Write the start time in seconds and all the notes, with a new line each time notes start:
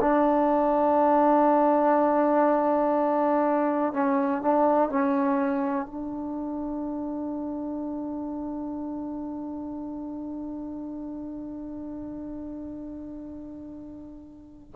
0.00 D4
3.93 C#4
4.42 D4
4.89 C#4
5.86 D4